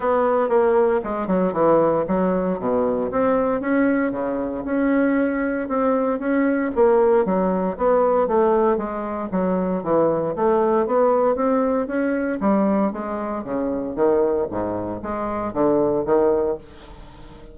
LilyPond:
\new Staff \with { instrumentName = "bassoon" } { \time 4/4 \tempo 4 = 116 b4 ais4 gis8 fis8 e4 | fis4 b,4 c'4 cis'4 | cis4 cis'2 c'4 | cis'4 ais4 fis4 b4 |
a4 gis4 fis4 e4 | a4 b4 c'4 cis'4 | g4 gis4 cis4 dis4 | gis,4 gis4 d4 dis4 | }